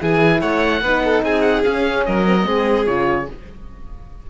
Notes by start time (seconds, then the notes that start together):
0.00 E3 E4 G#4 G#5
0.41 A3 C#5 F#5
0.81 B3 D#4 B4
1.04 A4
1.22 C4 G#4 G#5
1.41 F#5
1.64 C#4 F5
2.05 F#3 A#4 D#5
2.25 C4
2.40 A#3 C4
2.46 G#3 G#4
2.86 C#3 F4 C#5